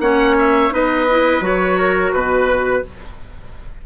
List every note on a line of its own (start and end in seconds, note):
0.00 0.71 A#3
0.00 0.71 C#4
0.00 0.73 C#5
0.00 0.36 F#5
0.39 0.74 E5
0.71 1.41 B3
0.71 1.06 D#4
0.71 1.79 B4
0.71 1.45 D#5
1.11 1.42 E4
1.41 2.12 F#3
1.41 2.83 F#4
1.41 2.13 C#5
1.79 2.15 A#4
2.13 2.84 B2
2.13 2.83 B4
2.13 2.87 B4